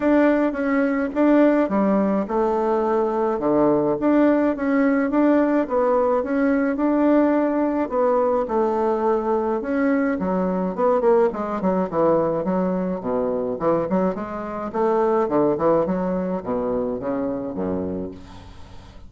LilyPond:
\new Staff \with { instrumentName = "bassoon" } { \time 4/4 \tempo 4 = 106 d'4 cis'4 d'4 g4 | a2 d4 d'4 | cis'4 d'4 b4 cis'4 | d'2 b4 a4~ |
a4 cis'4 fis4 b8 ais8 | gis8 fis8 e4 fis4 b,4 | e8 fis8 gis4 a4 d8 e8 | fis4 b,4 cis4 fis,4 | }